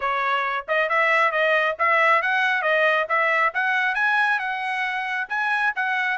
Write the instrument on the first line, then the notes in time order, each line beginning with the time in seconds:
trumpet
0.00 C#5
0.68 D#5
0.89 E5
1.31 D#5
1.78 E5
2.22 F#5
2.62 D#5
3.08 E5
3.54 F#5
3.95 G#5
4.39 F#5
5.29 G#5
5.75 F#5